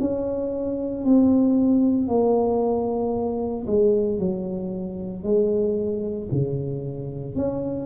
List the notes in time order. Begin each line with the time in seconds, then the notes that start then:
0.00 C#4
1.04 C4
2.08 A#3
3.67 G#3
4.19 F#3
5.23 G#3
6.32 C#3
7.35 C#4